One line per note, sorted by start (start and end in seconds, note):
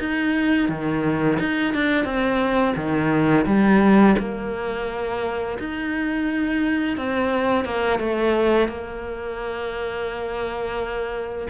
0.00 0.69 D#4
0.69 1.39 D#3
1.40 1.74 D#4
1.74 2.05 D4
2.05 2.75 C4
2.76 3.46 D#3
3.46 4.16 G3
4.19 5.59 A#3
5.59 6.97 D#4
6.97 7.65 C4
7.65 7.99 A#3
7.99 8.69 A3
8.69 11.48 A#3